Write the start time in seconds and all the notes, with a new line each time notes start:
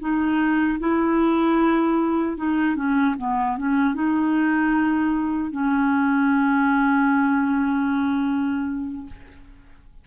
0.00 D#4
0.80 E4
2.37 D#4
2.76 C#4
3.18 B3
3.57 C#4
3.95 D#4
5.52 C#4